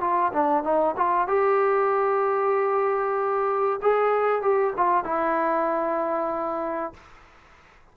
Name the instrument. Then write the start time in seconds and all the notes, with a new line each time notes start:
trombone
0.00 F4
0.32 D4
0.63 D#4
0.96 F4
1.27 G4
3.82 G#4
4.42 G4
4.77 F4
5.04 E4